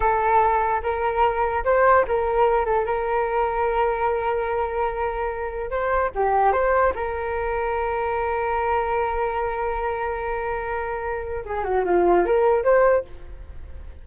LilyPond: \new Staff \with { instrumentName = "flute" } { \time 4/4 \tempo 4 = 147 a'2 ais'2 | c''4 ais'4. a'8 ais'4~ | ais'1~ | ais'2 c''4 g'4 |
c''4 ais'2.~ | ais'1~ | ais'1 | gis'8 fis'8 f'4 ais'4 c''4 | }